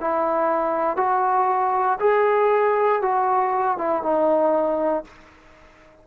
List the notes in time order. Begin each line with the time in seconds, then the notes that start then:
0.00 E4
0.97 F#4
2.00 G#4
3.02 F#4
3.78 E4
4.03 D#4